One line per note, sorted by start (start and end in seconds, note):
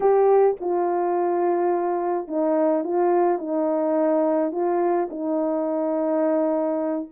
0.00 0.56 G4
0.60 2.27 F4
2.27 2.84 D#4
2.84 3.38 F4
3.38 4.51 D#4
4.51 5.08 F4
5.09 7.08 D#4